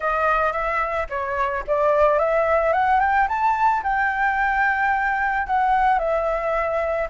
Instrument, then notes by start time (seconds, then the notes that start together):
flute
0.00 D#5
0.52 E5
1.09 C#5
1.67 D5
2.18 E5
2.72 F#5
3.00 G5
3.28 A5
3.83 G5
5.46 F#5
5.99 E5